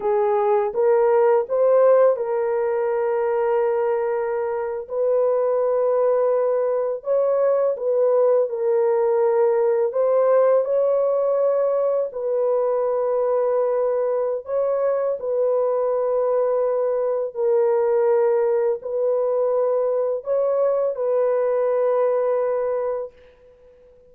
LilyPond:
\new Staff \with { instrumentName = "horn" } { \time 4/4 \tempo 4 = 83 gis'4 ais'4 c''4 ais'4~ | ais'2~ ais'8. b'4~ b'16~ | b'4.~ b'16 cis''4 b'4 ais'16~ | ais'4.~ ais'16 c''4 cis''4~ cis''16~ |
cis''8. b'2.~ b'16 | cis''4 b'2. | ais'2 b'2 | cis''4 b'2. | }